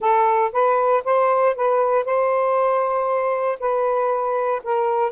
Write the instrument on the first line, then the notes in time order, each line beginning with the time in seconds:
saxophone
0.00 A4
0.52 B4
1.04 C5
1.55 B4
2.05 C5
3.59 B4
4.63 A#4